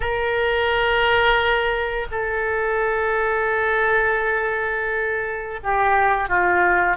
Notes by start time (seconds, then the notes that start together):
0.00 A#4
2.11 A4
5.63 G4
6.29 F4